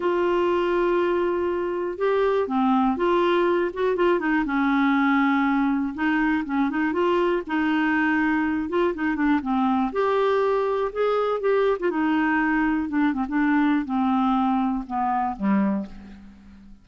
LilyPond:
\new Staff \with { instrumentName = "clarinet" } { \time 4/4 \tempo 4 = 121 f'1 | g'4 c'4 f'4. fis'8 | f'8 dis'8 cis'2. | dis'4 cis'8 dis'8 f'4 dis'4~ |
dis'4. f'8 dis'8 d'8 c'4 | g'2 gis'4 g'8. f'16 | dis'2 d'8 c'16 d'4~ d'16 | c'2 b4 g4 | }